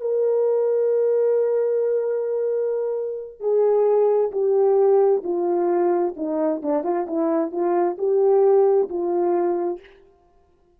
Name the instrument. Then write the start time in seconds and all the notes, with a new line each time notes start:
horn
0.00 A#4
3.40 G#4
4.31 G4
5.23 F4
6.16 D#4
6.62 D4
6.83 F4
7.07 E4
7.51 F4
7.98 G4
8.89 F4